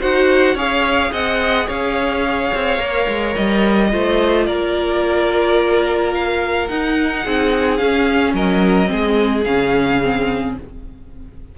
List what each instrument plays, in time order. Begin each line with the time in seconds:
0.00 cello D#4, viola F#4, violin C5 F#5
0.54 cello C#4, viola G#4, violin C#5 F5
1.12 cello C4, violin D#5 F#5
1.66 cello C#4, violin C#5 F5
2.54 cello C4
2.78 cello A#3, viola A#4
3.07 cello G#3
3.35 cello G3, violin D#5
3.91 cello A3, viola F4, violin C5
4.46 cello A#3, violin A#4 D5
6.14 violin F5
6.68 viola D#4, cello D#4, violin F#5
7.23 cello C4, violin G#4
7.77 viola C#4, cello C#4, violin F5
8.33 cello F#3, violin A#4 D#5
8.86 cello G#3, viola C4, violin G#4
9.44 cello C#3, viola C#4, violin F5
10.02 viola C4